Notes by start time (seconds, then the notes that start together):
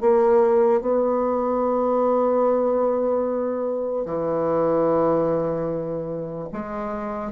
0.00 A#3
0.81 B3
4.05 E3
6.52 G#3